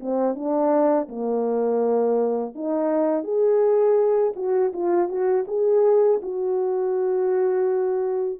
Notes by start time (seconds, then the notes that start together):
0.00 C4
0.35 D4
1.08 A#3
2.55 D#4
3.24 G#4
4.36 F#4
4.73 F4
5.08 F#4
5.47 G#4
6.22 F#4